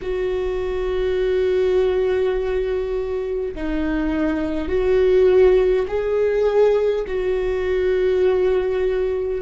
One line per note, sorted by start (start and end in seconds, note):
0.01 3.54 F#4
3.55 4.68 D#4
4.68 5.86 F#4
5.87 7.05 G#4
7.07 9.41 F#4